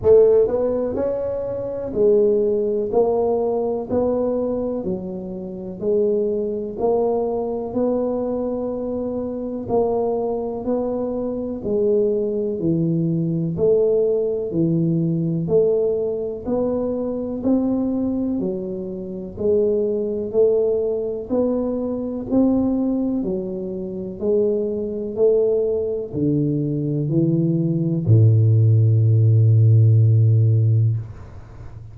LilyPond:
\new Staff \with { instrumentName = "tuba" } { \time 4/4 \tempo 4 = 62 a8 b8 cis'4 gis4 ais4 | b4 fis4 gis4 ais4 | b2 ais4 b4 | gis4 e4 a4 e4 |
a4 b4 c'4 fis4 | gis4 a4 b4 c'4 | fis4 gis4 a4 d4 | e4 a,2. | }